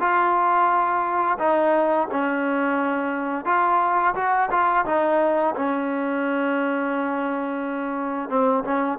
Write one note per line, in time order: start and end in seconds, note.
0.00 1.38 F4
1.39 2.08 D#4
2.11 3.45 C#4
3.45 4.14 F4
4.15 4.50 F#4
4.51 4.85 F4
4.86 5.55 D#4
5.55 8.29 C#4
8.29 8.64 C4
8.64 8.99 C#4